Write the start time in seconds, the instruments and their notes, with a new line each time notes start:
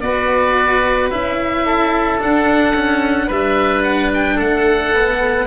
0.00 tuba B3, cello F#4, oboe B4 D5
1.10 tuba C#4, cello E4, oboe E5
1.65 oboe A4
2.19 cello D4, tuba D4, oboe F#5
2.74 cello C#4
3.27 tuba G3, cello D4, oboe B4 E5
3.82 oboe F#5
4.14 oboe G5
4.35 tuba A3, oboe A4 F#5
4.94 cello B3